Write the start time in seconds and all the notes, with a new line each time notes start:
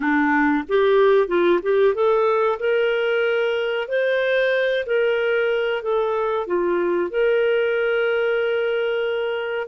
0.00 D4
0.68 G4
1.27 F4
1.62 G4
1.94 A4
2.59 A#4
3.88 C5
4.86 A#4
5.82 A4
6.46 F4
7.10 A#4